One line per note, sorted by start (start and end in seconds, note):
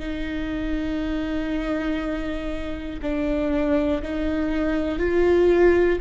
0.00 3.00 D#4
3.02 4.02 D4
4.03 4.99 D#4
4.99 5.99 F4